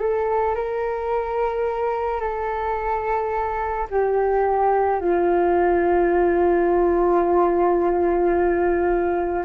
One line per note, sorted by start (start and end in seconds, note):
0.00 0.56 A4
0.56 2.21 A#4
2.21 3.87 A4
3.90 5.01 G4
5.01 9.45 F4